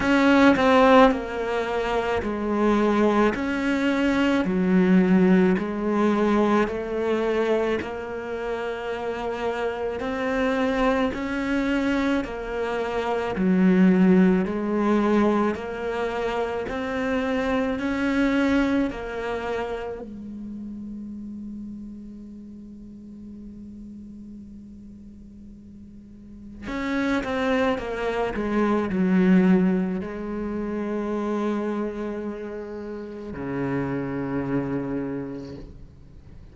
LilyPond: \new Staff \with { instrumentName = "cello" } { \time 4/4 \tempo 4 = 54 cis'8 c'8 ais4 gis4 cis'4 | fis4 gis4 a4 ais4~ | ais4 c'4 cis'4 ais4 | fis4 gis4 ais4 c'4 |
cis'4 ais4 gis2~ | gis1 | cis'8 c'8 ais8 gis8 fis4 gis4~ | gis2 cis2 | }